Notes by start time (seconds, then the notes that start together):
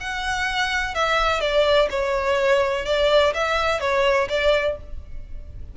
0.00 F#5
0.94 E5
1.40 D5
1.90 C#5
2.85 D5
3.34 E5
3.80 C#5
4.29 D5